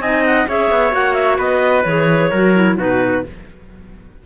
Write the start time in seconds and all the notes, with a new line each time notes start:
0.00 C4 D#4 D#5 G#5
0.26 F#5
0.48 C#4 G#4 C#5 E5
0.71 B3
0.91 A#3 F#4 F#5
1.14 E5
1.38 B3 B4 D#5
1.84 E3 G#4 C#5
2.31 F#3 F#4 A#4
2.55 E4
2.77 B2 D#4 F#4 B4